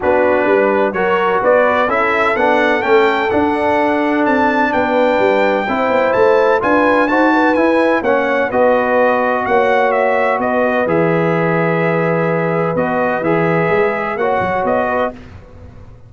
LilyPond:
<<
  \new Staff \with { instrumentName = "trumpet" } { \time 4/4 \tempo 4 = 127 b'2 cis''4 d''4 | e''4 fis''4 g''4 fis''4~ | fis''4 a''4 g''2~ | g''4 a''4 gis''4 a''4 |
gis''4 fis''4 dis''2 | fis''4 e''4 dis''4 e''4~ | e''2. dis''4 | e''2 fis''4 dis''4 | }
  \new Staff \with { instrumentName = "horn" } { \time 4/4 fis'4 b'4 ais'4 b'4 | a'1~ | a'2 b'2 | c''2 b'4 c''8 b'8~ |
b'4 cis''4 b'2 | cis''2 b'2~ | b'1~ | b'2 cis''4. b'8 | }
  \new Staff \with { instrumentName = "trombone" } { \time 4/4 d'2 fis'2 | e'4 d'4 cis'4 d'4~ | d'1 | e'2 f'4 fis'4 |
e'4 cis'4 fis'2~ | fis'2. gis'4~ | gis'2. fis'4 | gis'2 fis'2 | }
  \new Staff \with { instrumentName = "tuba" } { \time 4/4 b4 g4 fis4 b4 | cis'4 b4 a4 d'4~ | d'4 c'4 b4 g4 | c'8 b8 a4 d'4 dis'4 |
e'4 ais4 b2 | ais2 b4 e4~ | e2. b4 | e4 gis4 ais8 fis8 b4 | }
>>